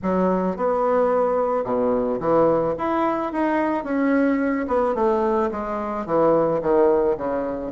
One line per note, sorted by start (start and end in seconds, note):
0.02 0.56 F#3
0.56 1.64 B3
1.64 2.19 B2
2.19 2.74 E3
2.78 3.32 E4
3.32 3.84 D#4
3.84 4.66 C#4
4.67 4.94 B3
4.94 5.49 A3
5.51 6.06 G#3
6.06 6.61 E3
6.61 7.16 D#3
7.17 7.72 C#3